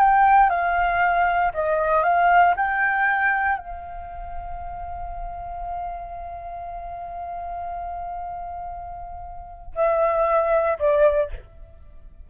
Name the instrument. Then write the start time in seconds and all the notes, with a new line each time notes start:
flute
0.00 G5
0.50 F5
1.54 D#5
2.04 F5
2.57 G5
3.58 F5
9.76 E5
10.79 D5